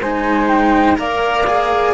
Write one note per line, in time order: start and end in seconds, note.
0.00 0.97 G#3
0.00 0.96 D#4
0.00 0.98 C5
0.00 0.48 G#5
0.48 0.97 G5
0.96 1.93 A#3
0.96 1.44 A#4
0.96 1.93 D5
0.96 1.93 F5
1.47 1.93 G#4